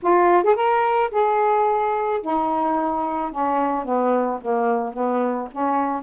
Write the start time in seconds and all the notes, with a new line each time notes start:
0.02 F4
0.43 G#4
0.55 A#4
1.11 G#4
2.21 D#4
3.31 C#4
3.84 B3
4.41 A#3
4.93 B3
5.51 C#4